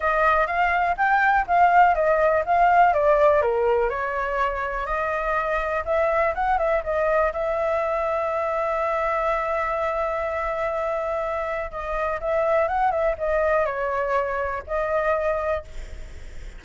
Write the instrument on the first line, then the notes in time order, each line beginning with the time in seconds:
flute
0.00 D#5
0.46 F5
0.97 G5
1.47 F5
1.94 D#5
2.45 F5
2.93 D5
3.41 A#4
3.89 C#5
4.86 D#5
5.85 E5
6.35 F#5
6.58 E5
6.83 D#5
7.32 E5
11.71 D#5
12.20 E5
12.67 F#5
12.91 E5
13.18 D#5
13.65 C#5
14.66 D#5